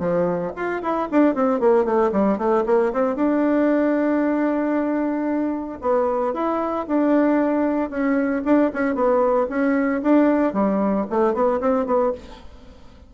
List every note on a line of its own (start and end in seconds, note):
0.00 0.53 F3
0.56 0.83 F4
0.83 1.09 E4
1.12 1.35 D4
1.35 1.61 C4
1.61 1.85 A#3
1.85 2.11 A3
2.13 2.38 G3
2.38 2.65 A3
2.67 2.93 A#3
2.94 3.16 C4
3.16 5.79 D4
5.82 6.34 B3
6.34 6.87 E4
6.88 7.90 D4
7.90 8.43 C#4
8.45 8.72 D4
8.74 8.95 C#4
8.95 9.48 B3
9.50 10.02 C#4
10.03 10.54 D4
10.54 11.06 G3
11.11 11.34 A3
11.34 11.61 B3
11.61 11.86 C4
11.86 12.13 B3